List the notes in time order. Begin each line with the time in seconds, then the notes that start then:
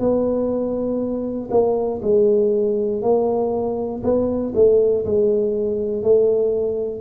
0.00 B3
1.51 A#3
2.03 G#3
3.02 A#3
4.03 B3
4.55 A3
5.05 G#3
6.03 A3